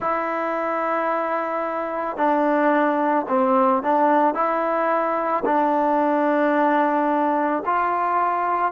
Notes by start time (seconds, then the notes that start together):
0.00 E4
2.16 D4
3.28 C4
3.82 D4
4.34 E4
5.45 D4
7.65 F4